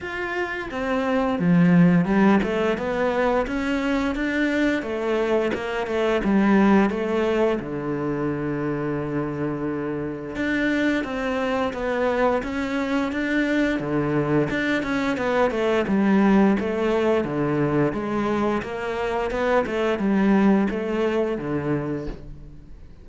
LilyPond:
\new Staff \with { instrumentName = "cello" } { \time 4/4 \tempo 4 = 87 f'4 c'4 f4 g8 a8 | b4 cis'4 d'4 a4 | ais8 a8 g4 a4 d4~ | d2. d'4 |
c'4 b4 cis'4 d'4 | d4 d'8 cis'8 b8 a8 g4 | a4 d4 gis4 ais4 | b8 a8 g4 a4 d4 | }